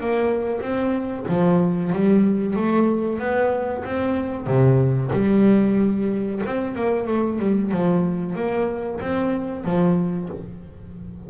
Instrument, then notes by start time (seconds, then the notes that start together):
double bass
0.00 A#3
0.61 C4
1.28 F3
1.93 G3
2.56 A3
3.19 B3
3.85 C4
4.47 C3
5.13 G3
6.46 C4
6.75 A#3
7.07 A3
7.39 G3
7.72 F3
8.35 A#3
9.01 C4
9.65 F3